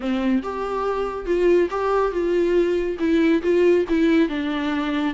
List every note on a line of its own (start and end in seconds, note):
0.00 0.42 C4
0.42 1.26 G4
1.26 1.69 F4
1.70 2.11 G4
2.11 2.97 F4
2.99 3.42 E4
3.42 3.85 F4
3.88 4.29 E4
4.29 5.14 D4